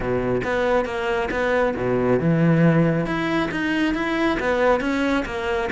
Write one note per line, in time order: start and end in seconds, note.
0.00 0.41 B2
0.43 0.85 B3
0.85 1.29 A#3
1.30 1.74 B3
1.76 2.19 B2
2.19 3.06 E3
3.06 3.49 E4
3.51 3.94 D#4
3.94 4.38 E4
4.39 4.80 B3
4.80 5.24 C#4
5.25 5.69 A#3